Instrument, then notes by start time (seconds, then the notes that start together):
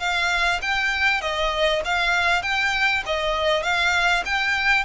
violin
0.00 F5
0.62 G5
1.21 D#5
1.85 F5
2.43 G5
3.06 D#5
3.63 F5
4.25 G5